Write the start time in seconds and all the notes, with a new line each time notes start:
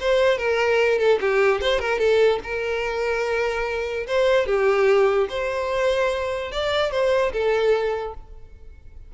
0.00 C5
0.38 A#4
0.99 A4
1.21 G4
1.61 C5
1.80 A#4
1.99 A4
2.43 A#4
4.07 C5
4.46 G4
5.29 C5
6.52 D5
6.92 C5
7.33 A4